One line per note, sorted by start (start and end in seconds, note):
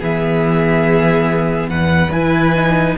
0.00 1.69 E3
0.00 2.11 B3
0.00 1.69 G#4
0.00 1.69 E5
1.69 2.10 E2
1.69 2.97 B4
1.69 2.11 F#5
2.10 2.95 E3
2.10 2.55 E4
2.10 2.96 G#5
2.55 2.97 D#4